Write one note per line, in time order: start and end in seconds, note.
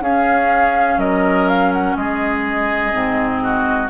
0.00 0.97 C#4
0.00 2.92 C#4
0.00 0.99 G#4
0.00 0.99 F5
0.97 1.94 F#3
0.97 1.96 A#4
0.97 1.47 D#5
1.48 1.72 F5
1.73 1.95 F#5
1.95 2.92 G#3
1.95 3.43 G#4
1.95 3.89 D#5
2.92 3.89 G#2
2.92 3.89 C4
3.43 3.90 F#4